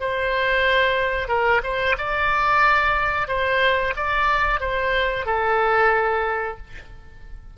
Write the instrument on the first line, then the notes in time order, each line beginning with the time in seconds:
oboe
0.00 C5
1.28 A#4
1.63 C5
1.97 D5
3.28 C5
3.96 D5
4.60 C5
5.25 A4